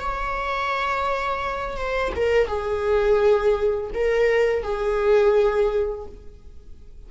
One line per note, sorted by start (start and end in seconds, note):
0.00 1.77 C#5
1.77 2.12 C5
2.16 2.48 A#4
2.48 3.91 G#4
3.94 4.63 A#4
4.63 6.06 G#4